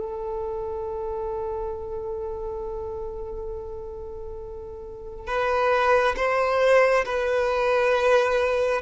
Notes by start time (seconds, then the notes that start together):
0.00 A4
5.27 B4
6.17 C5
7.05 B4